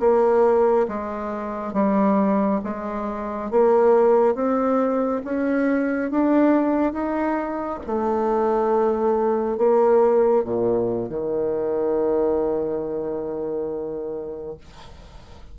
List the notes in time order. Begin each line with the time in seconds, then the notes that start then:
0.00 A#3
0.88 G#3
1.74 G3
2.64 G#3
3.51 A#3
4.35 C4
5.25 C#4
6.11 D4
6.93 D#4
7.87 A3
9.58 A#3
10.44 A#2
11.09 D#3